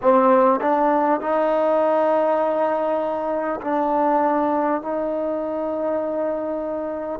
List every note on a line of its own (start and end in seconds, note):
0.02 0.60 C4
0.60 1.20 D4
1.20 3.60 D#4
3.61 4.81 D4
4.81 7.19 D#4